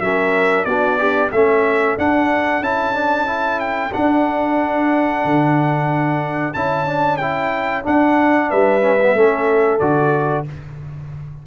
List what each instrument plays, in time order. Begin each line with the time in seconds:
0.00 tuba F#3, trombone C#4, horn A#4, trumpet E5
0.65 tuba B3, trombone D4, horn F#4, trumpet D5
0.98 horn D4, trombone G4
1.31 tuba A3, trombone C#4, horn A4, trumpet E5
1.97 tuba D4, trombone D4, trumpet F#5
2.60 tuba C#4, trombone E4, trumpet A5
2.94 trombone D4
3.26 trombone E4
3.60 trumpet G5
3.93 trombone D4, tuba D4, trumpet F#5
5.24 tuba D3
6.54 tuba C#4, trombone E4, trumpet A5
6.86 trombone D4
7.17 trombone E4, trumpet G5
7.83 trombone D4, tuba D4, trumpet F#5
8.50 tuba G3, horn B4, trumpet E5
8.81 trombone C#4
9.02 trombone B3
9.14 tuba A3, trombone C#4, horn A4
9.79 tuba D3, trombone F#4, trumpet D5